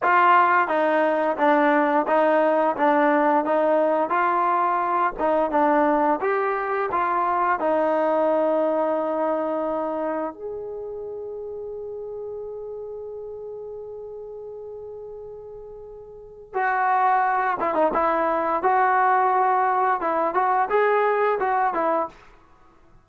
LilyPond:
\new Staff \with { instrumentName = "trombone" } { \time 4/4 \tempo 4 = 87 f'4 dis'4 d'4 dis'4 | d'4 dis'4 f'4. dis'8 | d'4 g'4 f'4 dis'4~ | dis'2. gis'4~ |
gis'1~ | gis'1 | fis'4. e'16 dis'16 e'4 fis'4~ | fis'4 e'8 fis'8 gis'4 fis'8 e'8 | }